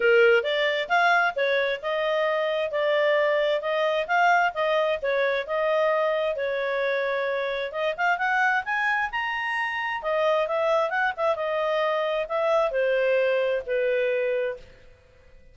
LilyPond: \new Staff \with { instrumentName = "clarinet" } { \time 4/4 \tempo 4 = 132 ais'4 d''4 f''4 cis''4 | dis''2 d''2 | dis''4 f''4 dis''4 cis''4 | dis''2 cis''2~ |
cis''4 dis''8 f''8 fis''4 gis''4 | ais''2 dis''4 e''4 | fis''8 e''8 dis''2 e''4 | c''2 b'2 | }